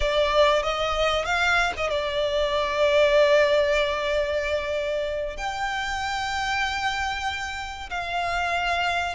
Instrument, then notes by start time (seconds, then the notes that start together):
violin
0.00 D5
0.63 D#5
1.25 F5
1.76 D#5
1.90 D5
5.37 G5
7.89 F5